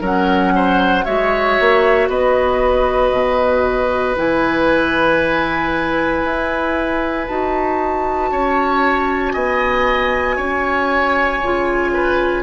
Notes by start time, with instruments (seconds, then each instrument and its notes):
0.00 bassoon F#3, clarinet C#4, oboe A#4, flute F#5
0.55 oboe C5
1.05 bassoon G#3, clarinet F#4, oboe C#5, flute E5
1.59 bassoon A#3
2.08 bassoon B3, oboe B4, flute D#5
3.11 bassoon B2
4.16 bassoon E3, clarinet E4, flute G#5
6.23 bassoon E4
7.26 bassoon D#4, clarinet F#4, flute A5
8.31 bassoon C#4, oboe C#5
9.33 bassoon B3, oboe D#5, flute G#5
10.36 bassoon C#4, oboe C#5
11.42 bassoon C#3, clarinet F4
11.93 oboe B4